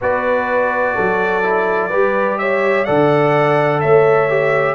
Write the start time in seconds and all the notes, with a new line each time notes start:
0.01 B3 F#4 B4 D5
0.94 F#3 A4
1.43 E4
1.89 G3 G4 B4
2.37 C#5 E5
2.85 D3 A4 D5 F#5
3.80 A3 C#5 E5
4.29 G4